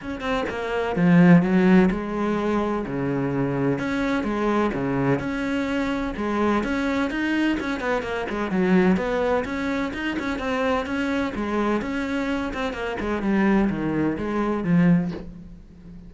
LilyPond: \new Staff \with { instrumentName = "cello" } { \time 4/4 \tempo 4 = 127 cis'8 c'8 ais4 f4 fis4 | gis2 cis2 | cis'4 gis4 cis4 cis'4~ | cis'4 gis4 cis'4 dis'4 |
cis'8 b8 ais8 gis8 fis4 b4 | cis'4 dis'8 cis'8 c'4 cis'4 | gis4 cis'4. c'8 ais8 gis8 | g4 dis4 gis4 f4 | }